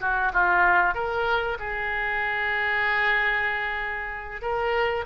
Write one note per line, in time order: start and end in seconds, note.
0.00 0.32 F#4
0.32 0.94 F4
0.94 1.57 A#4
1.59 4.42 G#4
4.42 5.05 A#4